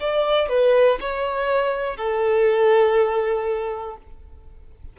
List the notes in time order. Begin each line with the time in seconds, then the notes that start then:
0.00 D5
0.49 B4
1.00 C#5
1.97 A4